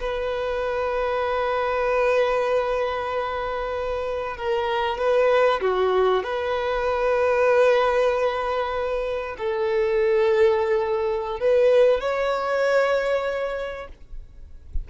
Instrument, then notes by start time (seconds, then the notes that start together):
violin
0.00 B4
4.37 A#4
4.98 B4
5.61 F#4
6.23 B4
9.38 A4
11.40 B4
12.00 C#5